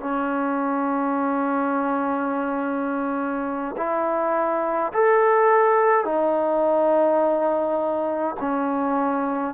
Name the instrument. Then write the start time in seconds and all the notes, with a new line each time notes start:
trombone
0.00 C#4
3.77 E4
4.93 A4
6.04 D#4
8.40 C#4